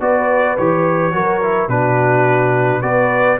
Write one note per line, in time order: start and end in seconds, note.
0.00 0.57 B3
0.00 0.57 F#4
0.00 1.14 B4
0.00 0.57 D5
0.57 1.13 E3
0.57 1.12 G4
0.57 1.68 C#5
1.12 1.67 F#3
1.12 1.40 F#4
1.12 1.68 A#4
1.41 1.69 E4
1.67 2.81 B2
1.67 2.82 D4
1.67 2.82 F#4
1.67 2.81 B4
2.81 3.39 B3
2.81 3.38 F#4
2.81 3.39 B4
2.81 3.38 D5